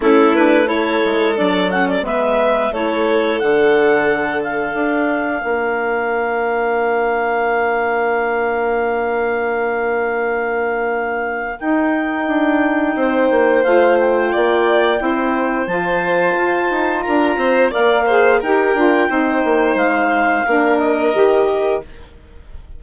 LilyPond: <<
  \new Staff \with { instrumentName = "clarinet" } { \time 4/4 \tempo 4 = 88 a'8 b'8 cis''4 d''8 fis''16 d''16 e''4 | cis''4 fis''4. f''4.~ | f''1~ | f''1~ |
f''4 g''2. | f''8 g''2~ g''8 a''4~ | a''4 ais''4 f''4 g''4~ | g''4 f''4. dis''4. | }
  \new Staff \with { instrumentName = "violin" } { \time 4/4 e'4 a'2 b'4 | a'1 | ais'1~ | ais'1~ |
ais'2. c''4~ | c''4 d''4 c''2~ | c''4 ais'8 c''8 d''8 c''8 ais'4 | c''2 ais'2 | }
  \new Staff \with { instrumentName = "saxophone" } { \time 4/4 cis'8 d'8 e'4 d'8 cis'8 b4 | e'4 d'2.~ | d'1~ | d'1~ |
d'4 dis'2. | f'2 e'4 f'4~ | f'2 ais'8 gis'8 g'8 f'8 | dis'2 d'4 g'4 | }
  \new Staff \with { instrumentName = "bassoon" } { \time 4/4 a4. gis8 fis4 gis4 | a4 d2 d'4 | ais1~ | ais1~ |
ais4 dis'4 d'4 c'8 ais8 | a4 ais4 c'4 f4 | f'8 dis'8 d'8 c'8 ais4 dis'8 d'8 | c'8 ais8 gis4 ais4 dis4 | }
>>